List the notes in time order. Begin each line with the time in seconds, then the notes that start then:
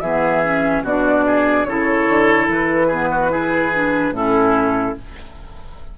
0.00 E3 B3 G#4 E5
0.44 C#4
0.82 B2 D4 F#4 D5
1.26 G#4
1.64 C#3 E4 A4 C#5
2.08 D3
2.48 E3 B4
2.87 B3 G#4
3.11 F#4
3.30 E4 G#4
3.74 D4
4.11 A2 C#4 E4 A4